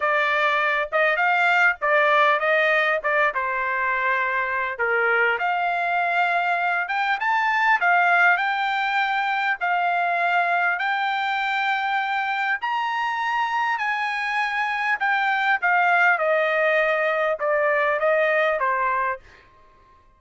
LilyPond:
\new Staff \with { instrumentName = "trumpet" } { \time 4/4 \tempo 4 = 100 d''4. dis''8 f''4 d''4 | dis''4 d''8 c''2~ c''8 | ais'4 f''2~ f''8 g''8 | a''4 f''4 g''2 |
f''2 g''2~ | g''4 ais''2 gis''4~ | gis''4 g''4 f''4 dis''4~ | dis''4 d''4 dis''4 c''4 | }